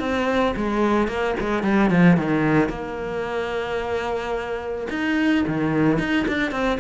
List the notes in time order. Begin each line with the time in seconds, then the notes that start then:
0.00 C4
0.56 G#3
1.08 A#3
1.40 G#3
1.63 G3
1.90 F3
2.17 D#3
2.69 A#3
4.90 D#4
5.47 D#3
5.99 D#4
6.28 D4
6.52 C4